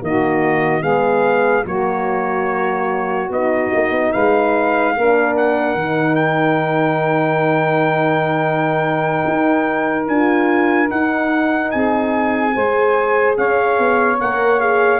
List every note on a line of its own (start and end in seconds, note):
0.00 0.82 D#3
0.00 0.81 A#3
0.00 0.81 F#4
0.00 0.82 D#5
0.81 1.64 G#3
0.81 1.63 B3
0.81 1.63 G#4
0.81 1.64 F5
1.65 3.29 F#3
1.65 3.30 A#3
1.65 4.12 F#4
1.65 3.31 C#5
3.29 3.70 B3
3.29 4.97 D#4
3.29 4.12 D#5
3.73 3.90 A#3
3.90 4.11 B3
4.12 4.96 G#3
4.12 4.94 B4
4.12 5.35 F5
4.96 5.74 A#3
4.96 5.78 D4
4.96 11.73 A#4
5.36 6.15 F#5
5.74 9.23 D#3
5.74 10.09 D#4
6.15 10.05 G5
9.27 10.07 D#4
10.07 10.89 D4
10.07 10.88 F4
10.07 10.89 G#5
10.88 12.52 D#4
10.88 11.73 D#4
10.88 11.70 F#5
11.70 12.55 C4
11.70 12.54 G#4
11.70 13.35 G#5
12.53 13.37 G#3
12.53 14.17 G#4
12.53 13.37 C5
13.37 13.78 C#4
13.37 14.99 C#5
13.37 14.19 F5
13.78 14.19 B3
14.20 14.99 A#3
14.20 14.60 A#4
14.20 14.60 F#5
14.60 14.99 G#4
14.60 14.99 F5